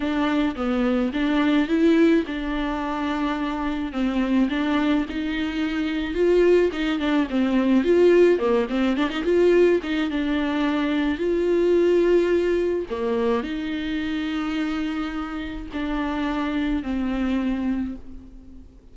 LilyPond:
\new Staff \with { instrumentName = "viola" } { \time 4/4 \tempo 4 = 107 d'4 b4 d'4 e'4 | d'2. c'4 | d'4 dis'2 f'4 | dis'8 d'8 c'4 f'4 ais8 c'8 |
d'16 dis'16 f'4 dis'8 d'2 | f'2. ais4 | dis'1 | d'2 c'2 | }